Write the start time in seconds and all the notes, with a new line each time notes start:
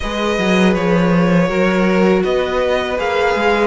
0.00 G#3 G#4 B4 D#5
0.38 F#3
0.74 F3 C#5
1.48 F#3 F#4 A#4
2.23 B3 B4 D#5
2.97 A#3 G#4 F5
3.35 G#3